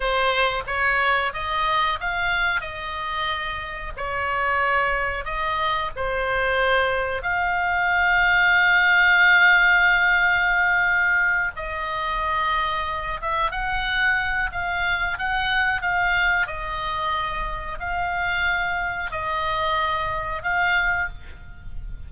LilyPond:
\new Staff \with { instrumentName = "oboe" } { \time 4/4 \tempo 4 = 91 c''4 cis''4 dis''4 f''4 | dis''2 cis''2 | dis''4 c''2 f''4~ | f''1~ |
f''4. dis''2~ dis''8 | e''8 fis''4. f''4 fis''4 | f''4 dis''2 f''4~ | f''4 dis''2 f''4 | }